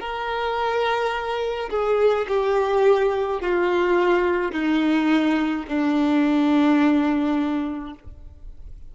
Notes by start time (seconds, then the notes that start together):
0.00 A#4
1.70 G#4
2.28 G4
3.41 F4
4.52 D#4
5.68 D4